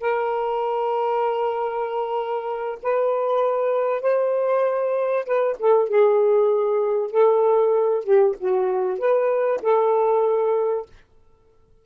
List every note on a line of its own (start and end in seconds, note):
0.00 2.78 A#4
2.83 4.01 B4
4.01 5.25 C5
5.25 5.56 B4
5.59 5.89 A4
5.89 7.11 G#4
7.11 8.04 A4
8.04 8.35 G4
8.40 8.99 F#4
8.99 9.61 B4
9.62 10.86 A4